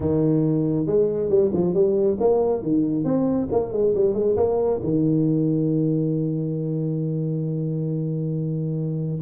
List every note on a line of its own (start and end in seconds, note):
0.00 0.86 D#3
0.86 1.29 G#3
1.29 1.51 G3
1.53 1.74 F3
1.74 2.17 G3
2.19 2.62 A#3
2.62 3.04 D#3
3.04 3.48 C4
3.51 3.72 A#3
3.72 3.94 G#3
3.94 4.14 G3
4.14 4.36 G#3
4.36 4.80 A#3
4.83 9.21 D#3